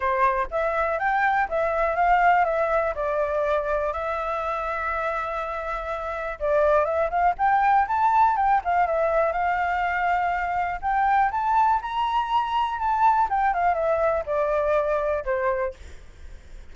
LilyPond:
\new Staff \with { instrumentName = "flute" } { \time 4/4 \tempo 4 = 122 c''4 e''4 g''4 e''4 | f''4 e''4 d''2 | e''1~ | e''4 d''4 e''8 f''8 g''4 |
a''4 g''8 f''8 e''4 f''4~ | f''2 g''4 a''4 | ais''2 a''4 g''8 f''8 | e''4 d''2 c''4 | }